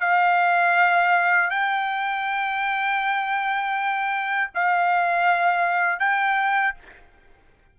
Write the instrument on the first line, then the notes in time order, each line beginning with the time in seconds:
trumpet
0.00 F5
1.50 G5
4.54 F5
6.00 G5